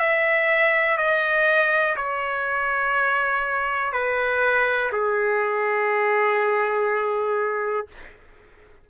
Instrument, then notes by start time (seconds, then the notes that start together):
trumpet
0.00 E5
0.98 D#5
1.97 C#5
3.93 B4
4.92 G#4